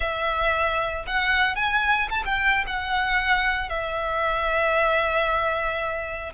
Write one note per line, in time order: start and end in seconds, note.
0.00 1.05 E5
1.06 1.55 F#5
1.55 2.08 G#5
2.10 2.23 A5
2.25 2.65 G5
2.66 3.69 F#5
3.69 6.32 E5